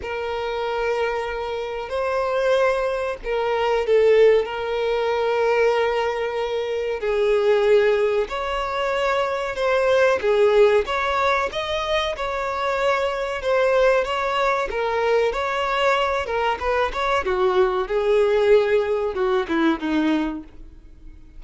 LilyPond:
\new Staff \with { instrumentName = "violin" } { \time 4/4 \tempo 4 = 94 ais'2. c''4~ | c''4 ais'4 a'4 ais'4~ | ais'2. gis'4~ | gis'4 cis''2 c''4 |
gis'4 cis''4 dis''4 cis''4~ | cis''4 c''4 cis''4 ais'4 | cis''4. ais'8 b'8 cis''8 fis'4 | gis'2 fis'8 e'8 dis'4 | }